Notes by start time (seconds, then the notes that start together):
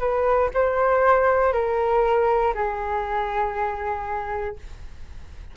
0.00 B4
0.55 C5
1.53 A#4
2.55 G#4